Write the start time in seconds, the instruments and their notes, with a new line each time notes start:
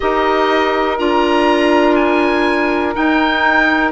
0.00 bassoon D#4, clarinet G4, saxophone A#4, oboe D#5
0.98 bassoon D4, clarinet F4, oboe A#5
1.95 oboe G#5
2.94 clarinet D#4, bassoon D#4, oboe G5